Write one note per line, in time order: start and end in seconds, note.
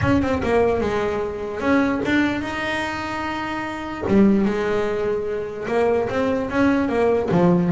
0.01 0.21 C#4
0.21 0.42 C4
0.43 0.80 A#3
0.80 1.60 G#3
1.60 2.00 C#4
2.05 2.41 D4
2.41 4.03 D#4
4.07 4.45 G3
4.45 5.66 G#3
5.67 6.08 A#3
6.09 6.49 C4
6.50 6.88 C#4
6.88 7.29 A#3
7.31 7.71 F3